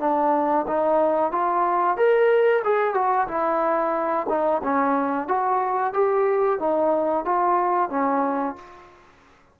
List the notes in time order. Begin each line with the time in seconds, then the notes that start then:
0.00 D4
0.68 D#4
1.32 F4
1.97 A#4
2.64 G#4
2.94 F#4
3.28 E4
4.29 D#4
4.63 C#4
5.28 F#4
5.94 G4
6.60 D#4
7.25 F4
7.90 C#4